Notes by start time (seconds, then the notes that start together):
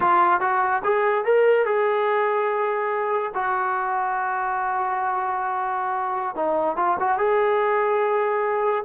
0.00 F4
0.40 F#4
0.84 G#4
1.24 A#4
1.65 G#4
3.34 F#4
6.35 D#4
6.76 F4
6.99 F#4
7.18 G#4